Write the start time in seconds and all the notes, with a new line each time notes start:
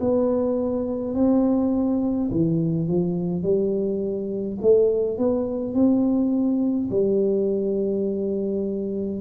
0.00 B3
1.14 C4
2.31 E3
2.87 F3
3.42 G3
4.61 A3
5.17 B3
5.74 C4
6.90 G3